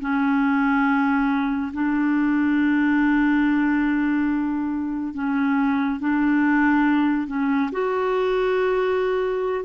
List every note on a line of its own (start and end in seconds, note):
0.00 1.71 C#4
1.73 5.14 D4
5.14 6.00 C#4
6.00 7.27 D4
7.27 7.69 C#4
7.71 9.64 F#4